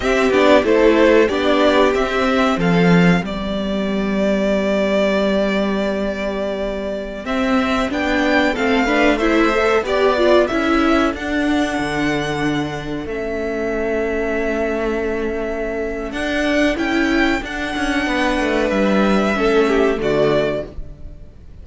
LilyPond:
<<
  \new Staff \with { instrumentName = "violin" } { \time 4/4 \tempo 4 = 93 e''8 d''8 c''4 d''4 e''4 | f''4 d''2.~ | d''2.~ d''16 e''8.~ | e''16 g''4 f''4 e''4 d''8.~ |
d''16 e''4 fis''2~ fis''8.~ | fis''16 e''2.~ e''8.~ | e''4 fis''4 g''4 fis''4~ | fis''4 e''2 d''4 | }
  \new Staff \with { instrumentName = "violin" } { \time 4/4 g'4 a'4 g'2 | a'4 g'2.~ | g'1~ | g'4~ g'16 a'8 b'8 c''4 d''8.~ |
d''16 a'2.~ a'8.~ | a'1~ | a'1 | b'2 a'8 g'8 fis'4 | }
  \new Staff \with { instrumentName = "viola" } { \time 4/4 c'8 d'8 e'4 d'4 c'4~ | c'4 b2.~ | b2.~ b16 c'8.~ | c'16 d'4 c'8 d'8 e'8 a'8 g'8 f'16~ |
f'16 e'4 d'2~ d'8.~ | d'16 cis'2.~ cis'8.~ | cis'4 d'4 e'4 d'4~ | d'2 cis'4 a4 | }
  \new Staff \with { instrumentName = "cello" } { \time 4/4 c'8 b8 a4 b4 c'4 | f4 g2.~ | g2.~ g16 c'8.~ | c'16 b4 a2 b8.~ |
b16 cis'4 d'4 d4.~ d16~ | d16 a2.~ a8.~ | a4 d'4 cis'4 d'8 cis'8 | b8 a8 g4 a4 d4 | }
>>